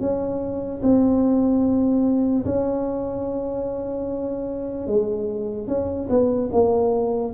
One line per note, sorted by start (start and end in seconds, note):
0.00 0.81 C#4
0.83 2.45 C4
2.45 4.87 C#4
4.87 5.68 G#3
5.68 6.08 C#4
6.09 6.50 B3
6.52 7.33 A#3